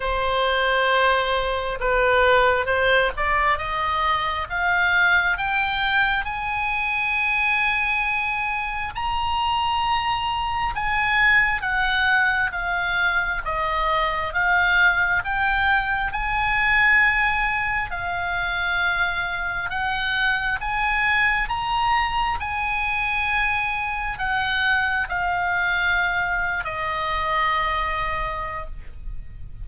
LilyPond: \new Staff \with { instrumentName = "oboe" } { \time 4/4 \tempo 4 = 67 c''2 b'4 c''8 d''8 | dis''4 f''4 g''4 gis''4~ | gis''2 ais''2 | gis''4 fis''4 f''4 dis''4 |
f''4 g''4 gis''2 | f''2 fis''4 gis''4 | ais''4 gis''2 fis''4 | f''4.~ f''16 dis''2~ dis''16 | }